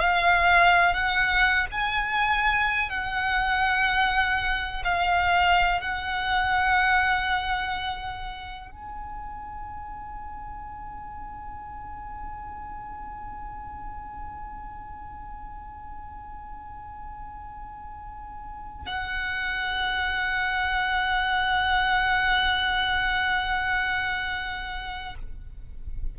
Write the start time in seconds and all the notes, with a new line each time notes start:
0.00 F5
0.94 F#5
1.71 G#5
2.89 F#5
4.84 F5
5.81 F#5
8.71 G#5
18.86 F#5